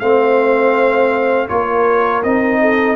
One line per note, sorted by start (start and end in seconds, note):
0.00 1.49 A3
0.00 1.49 C4
0.00 1.50 C5
0.00 1.48 F5
1.49 2.24 A#3
1.49 2.23 F4
1.49 2.61 A#4
1.49 2.23 C#5
2.24 2.96 C4
2.24 2.96 D#4
2.24 2.96 D#5
2.61 2.96 A4